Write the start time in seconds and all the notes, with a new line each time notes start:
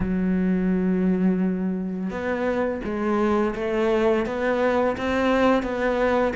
0.00 F#3
2.10 B3
2.84 G#3
3.55 A3
4.25 B3
4.97 C4
5.62 B3